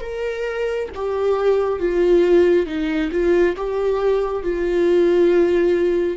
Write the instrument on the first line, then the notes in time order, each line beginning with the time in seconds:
viola
0.00 A#4
0.95 G4
1.79 F4
2.66 D#4
3.12 F4
3.56 G4
4.43 F4